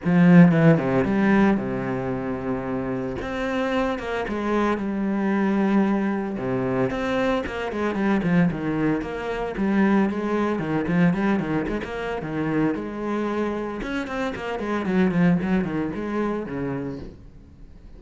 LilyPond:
\new Staff \with { instrumentName = "cello" } { \time 4/4 \tempo 4 = 113 f4 e8 c8 g4 c4~ | c2 c'4. ais8 | gis4 g2. | c4 c'4 ais8 gis8 g8 f8 |
dis4 ais4 g4 gis4 | dis8 f8 g8 dis8 gis16 ais8. dis4 | gis2 cis'8 c'8 ais8 gis8 | fis8 f8 fis8 dis8 gis4 cis4 | }